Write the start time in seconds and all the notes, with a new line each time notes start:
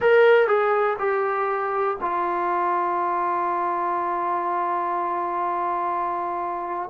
0.00 A#4
0.47 G#4
0.98 G4
2.01 F4